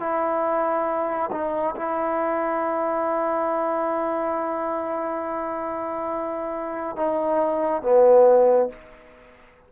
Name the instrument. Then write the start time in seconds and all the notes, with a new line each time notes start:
trombone
0.00 E4
1.32 D#4
1.76 E4
6.96 D#4
7.83 B3